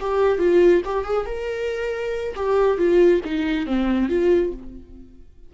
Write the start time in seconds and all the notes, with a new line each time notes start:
0.00 G4
0.38 F4
0.85 G4
1.04 G#4
1.26 A#4
2.35 G4
2.77 F4
3.25 D#4
3.66 C4
4.09 F4